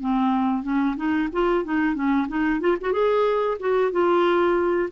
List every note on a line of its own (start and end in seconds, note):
0.00 0.63 C4
0.63 0.95 C#4
0.96 1.29 D#4
1.32 1.64 F4
1.64 1.94 D#4
1.94 2.27 C#4
2.28 2.60 D#4
2.60 2.76 F4
2.80 2.92 F#4
2.92 3.57 G#4
3.59 3.91 F#4
3.91 4.89 F4